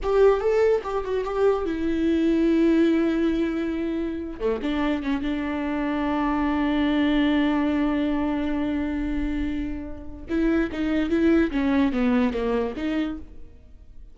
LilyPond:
\new Staff \with { instrumentName = "viola" } { \time 4/4 \tempo 4 = 146 g'4 a'4 g'8 fis'8 g'4 | e'1~ | e'2~ e'8. a8 d'8.~ | d'16 cis'8 d'2.~ d'16~ |
d'1~ | d'1~ | d'4 e'4 dis'4 e'4 | cis'4 b4 ais4 dis'4 | }